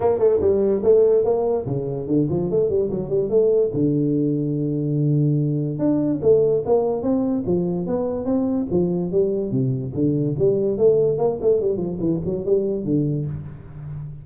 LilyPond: \new Staff \with { instrumentName = "tuba" } { \time 4/4 \tempo 4 = 145 ais8 a8 g4 a4 ais4 | cis4 d8 f8 a8 g8 fis8 g8 | a4 d2.~ | d2 d'4 a4 |
ais4 c'4 f4 b4 | c'4 f4 g4 c4 | d4 g4 a4 ais8 a8 | g8 f8 e8 fis8 g4 d4 | }